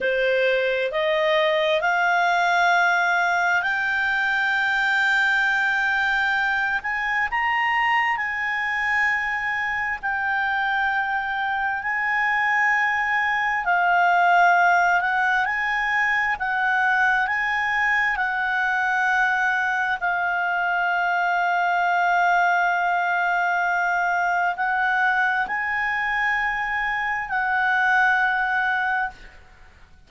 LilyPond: \new Staff \with { instrumentName = "clarinet" } { \time 4/4 \tempo 4 = 66 c''4 dis''4 f''2 | g''2.~ g''8 gis''8 | ais''4 gis''2 g''4~ | g''4 gis''2 f''4~ |
f''8 fis''8 gis''4 fis''4 gis''4 | fis''2 f''2~ | f''2. fis''4 | gis''2 fis''2 | }